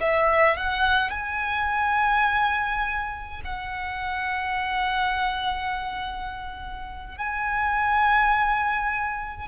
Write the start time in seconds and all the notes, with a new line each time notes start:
0.00 E5
0.57 F#5
1.10 G#5
3.44 F#5
7.17 G#5